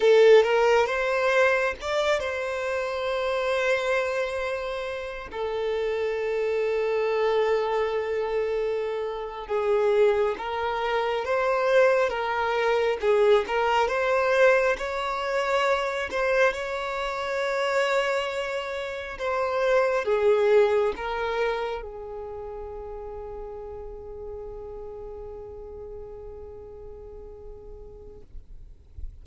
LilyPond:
\new Staff \with { instrumentName = "violin" } { \time 4/4 \tempo 4 = 68 a'8 ais'8 c''4 d''8 c''4.~ | c''2 a'2~ | a'2~ a'8. gis'4 ais'16~ | ais'8. c''4 ais'4 gis'8 ais'8 c''16~ |
c''8. cis''4. c''8 cis''4~ cis''16~ | cis''4.~ cis''16 c''4 gis'4 ais'16~ | ais'8. gis'2.~ gis'16~ | gis'1 | }